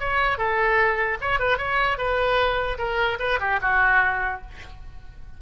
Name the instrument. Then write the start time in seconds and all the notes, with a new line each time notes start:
oboe
0.00 C#5
0.38 A4
1.21 C#5
1.40 B4
1.58 C#5
1.98 B4
2.79 A#4
3.20 B4
3.40 G4
3.62 F#4